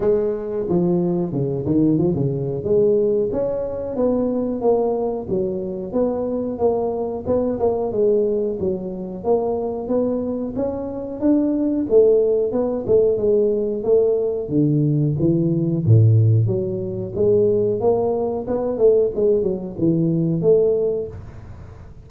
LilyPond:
\new Staff \with { instrumentName = "tuba" } { \time 4/4 \tempo 4 = 91 gis4 f4 cis8 dis8 f16 cis8. | gis4 cis'4 b4 ais4 | fis4 b4 ais4 b8 ais8 | gis4 fis4 ais4 b4 |
cis'4 d'4 a4 b8 a8 | gis4 a4 d4 e4 | a,4 fis4 gis4 ais4 | b8 a8 gis8 fis8 e4 a4 | }